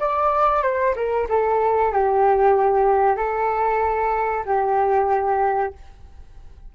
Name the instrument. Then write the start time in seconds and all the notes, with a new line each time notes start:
flute
0.00 D5
0.63 C5
0.96 A#4
1.30 A4
1.93 G4
3.17 A4
4.46 G4